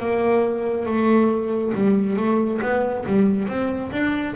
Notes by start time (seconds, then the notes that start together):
0.00 A#3
0.86 A3
1.75 G3
2.17 A3
2.62 B3
3.06 G3
3.48 C4
3.92 D4